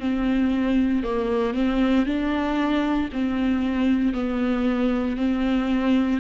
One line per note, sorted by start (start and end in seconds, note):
0.00 1.03 C4
1.03 1.54 A#3
1.54 2.05 C4
2.05 3.09 D4
3.13 4.14 C4
4.14 5.17 B3
5.17 6.20 C4